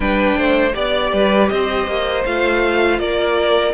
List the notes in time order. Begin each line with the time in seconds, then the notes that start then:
0.00 G3 D4 B4 G5
0.37 A3 C5
0.73 B3 G4 D5
1.12 G3 B4
1.48 C4 C5 D#5
1.86 A#3
2.25 A3 F4 F5
2.98 A#3 A#4 D5